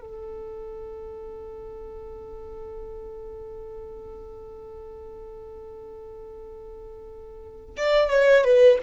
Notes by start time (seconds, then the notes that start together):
0.00 A4
7.76 D5
8.10 C#5
8.44 B4